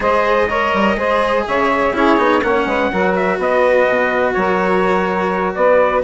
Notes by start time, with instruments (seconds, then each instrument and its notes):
0.00 bassoon G#3, cello G#4, saxophone C5, trumpet D#5
0.48 cello A#4, saxophone C#5
0.73 bassoon G3
0.96 bassoon G#3, cello G#4, saxophone C5
1.46 bassoon C#3, saxophone C#5, trumpet E5
1.91 bassoon C#4, cello E4, saxophone G#4, trumpet C#5
2.17 bassoon B3, cello D#4
2.42 bassoon A#3, cello C#4, saxophone C#5, trumpet F#5
2.65 bassoon G#3, saxophone B4
2.91 bassoon F#3, cello F#4, saxophone A#4
3.15 trumpet E5
3.38 bassoon B3, saxophone B4, trumpet D#5
3.87 bassoon B2
4.33 bassoon F#3, saxophone A#4, trumpet C#5
5.54 bassoon B3, saxophone B4, trumpet D5